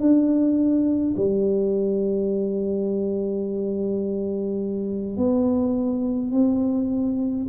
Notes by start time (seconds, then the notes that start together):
0.00 D4
1.17 G3
5.17 B3
6.32 C4